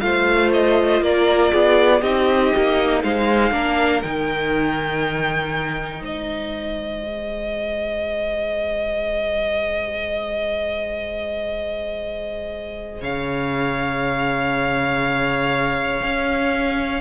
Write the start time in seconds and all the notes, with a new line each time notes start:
0.00 A3 F4 C5 F5
0.53 D#5
1.01 A#3 A#4 D5
1.52 B3 G#4
2.02 C4 D#4 G4 D#5
2.56 A#3
3.02 G#3 C5 F5
3.51 A#3 D4 A#4
4.02 D#3 D#4 G5
6.01 G#3 C5 D#5
7.02 G#4
13.01 C#3 C#5 F5
16.02 C#4